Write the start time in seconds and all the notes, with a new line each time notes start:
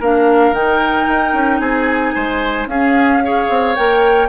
0.00 A#3 D4 A#4 F5
0.52 D#3 D#4 G5
1.08 D#4
1.34 C#4
1.59 C4 G#4 G#5
2.15 G#3 C5
2.66 C#4 G#4 F5
2.73 C#4
3.24 G#4 C#5
3.50 C4
3.76 A#3 A#4 G5